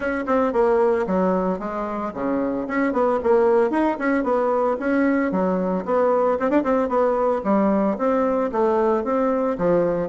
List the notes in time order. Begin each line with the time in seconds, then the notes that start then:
0.00 C#4
0.26 C4
0.52 A#3
1.06 F#3
1.59 G#3
2.14 C#3
2.67 C#4
2.92 B3
3.23 A#3
3.70 D#4
3.98 C#4
4.23 B3
4.79 C#4
5.31 F#3
5.85 B3
6.39 C4
6.49 D4
6.63 C4
6.88 B3
7.44 G3
7.97 C4
8.51 A3
9.04 C4
9.58 F3